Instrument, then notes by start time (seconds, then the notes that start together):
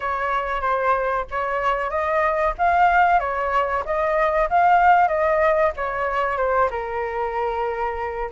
flute
0.00 C#5
0.61 C5
1.31 C#5
1.90 D#5
2.57 F5
3.19 C#5
3.85 D#5
4.49 F5
5.08 D#5
5.76 C#5
6.37 C5
6.70 A#4